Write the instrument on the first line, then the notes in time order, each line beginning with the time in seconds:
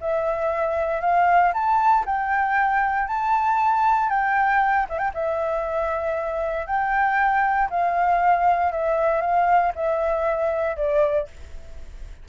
flute
0.00 E5
1.00 F5
1.53 A5
2.05 G5
3.07 A5
4.09 G5
4.89 E5
4.98 G5
5.14 E5
6.66 G5
7.70 F5
8.72 E5
9.21 F5
9.75 E5
10.76 D5